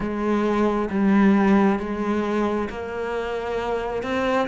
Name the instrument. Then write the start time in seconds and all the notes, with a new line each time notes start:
cello
0.00 G#3
0.90 G3
1.79 G#3
2.69 A#3
4.03 C4